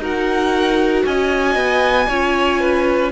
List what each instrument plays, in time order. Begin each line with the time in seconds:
0.00 cello D#4, viola F#4, violin A#4 F#5
1.06 cello C#4, violin D#5 G#5
1.56 cello B3
2.09 cello C#4, viola F4, violin C#5
2.60 violin B4